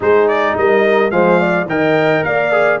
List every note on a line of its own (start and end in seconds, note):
0.00 0.57 G#3
0.00 1.10 D#4
0.00 0.57 G#4
0.00 0.28 C5
0.28 0.56 D5
0.57 1.11 G3
0.57 1.12 A#4
0.57 1.10 D#5
1.10 1.65 F3
1.10 1.66 G#3
1.10 1.40 C5
1.10 1.66 F5
1.40 1.68 D5
1.65 2.21 D#3
1.65 2.51 A#4
1.65 2.25 D#5
1.65 2.24 G5
2.24 2.80 A#3
2.24 2.80 D5
2.24 2.80 F5
2.51 2.79 G#4